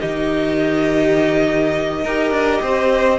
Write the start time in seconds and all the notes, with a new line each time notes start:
0.00 D#3 D#4 G4 D#5
2.04 D#4 G4 A#4
2.31 D4
2.62 C4 C5